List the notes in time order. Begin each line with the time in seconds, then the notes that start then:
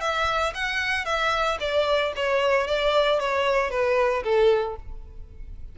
0.00 E5
0.54 F#5
1.05 E5
1.60 D5
2.16 C#5
2.67 D5
3.19 C#5
3.70 B4
4.23 A4